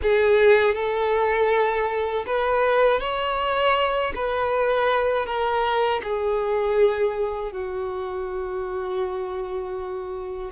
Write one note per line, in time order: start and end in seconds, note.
0.02 0.74 G#4
0.74 2.24 A4
2.26 3.00 B4
3.00 4.12 C#5
4.15 5.26 B4
5.26 6.01 A#4
6.03 7.52 G#4
7.52 10.51 F#4